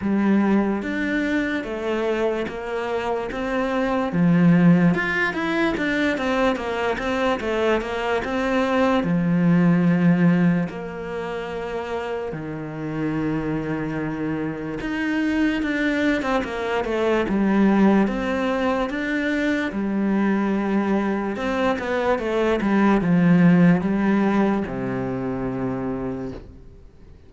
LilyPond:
\new Staff \with { instrumentName = "cello" } { \time 4/4 \tempo 4 = 73 g4 d'4 a4 ais4 | c'4 f4 f'8 e'8 d'8 c'8 | ais8 c'8 a8 ais8 c'4 f4~ | f4 ais2 dis4~ |
dis2 dis'4 d'8. c'16 | ais8 a8 g4 c'4 d'4 | g2 c'8 b8 a8 g8 | f4 g4 c2 | }